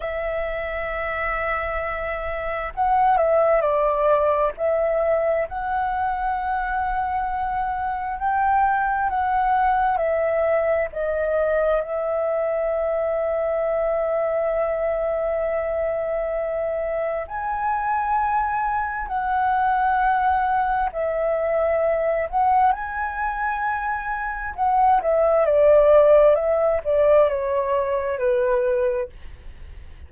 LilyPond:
\new Staff \with { instrumentName = "flute" } { \time 4/4 \tempo 4 = 66 e''2. fis''8 e''8 | d''4 e''4 fis''2~ | fis''4 g''4 fis''4 e''4 | dis''4 e''2.~ |
e''2. gis''4~ | gis''4 fis''2 e''4~ | e''8 fis''8 gis''2 fis''8 e''8 | d''4 e''8 d''8 cis''4 b'4 | }